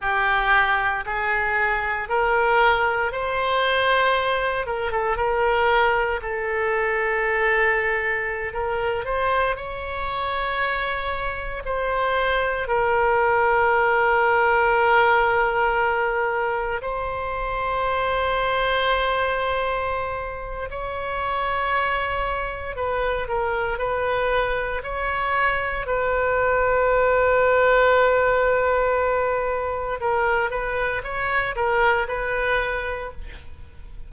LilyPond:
\new Staff \with { instrumentName = "oboe" } { \time 4/4 \tempo 4 = 58 g'4 gis'4 ais'4 c''4~ | c''8 ais'16 a'16 ais'4 a'2~ | a'16 ais'8 c''8 cis''2 c''8.~ | c''16 ais'2.~ ais'8.~ |
ais'16 c''2.~ c''8. | cis''2 b'8 ais'8 b'4 | cis''4 b'2.~ | b'4 ais'8 b'8 cis''8 ais'8 b'4 | }